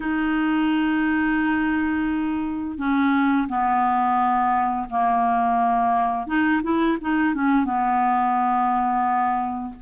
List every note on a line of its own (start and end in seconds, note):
0.00 2.77 D#4
2.77 3.47 C#4
3.48 4.87 B3
4.90 6.26 A#3
6.26 6.61 D#4
6.62 6.97 E4
7.01 7.34 D#4
7.34 7.64 C#4
7.64 9.74 B3